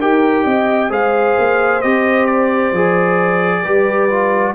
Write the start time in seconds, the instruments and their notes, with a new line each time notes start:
0.00 tuba D#4, trombone G4, horn A#4, trumpet G5
0.44 tuba C4, horn D#5
0.90 tuba G#3, trombone G#4, horn C5, trumpet F5
1.38 tuba A#3
1.82 tuba C4, trombone G4, trumpet D#5
2.26 trumpet D5
2.72 tuba F3, trombone G#4
3.63 tuba G3, trombone G4, horn B4
4.10 trombone F4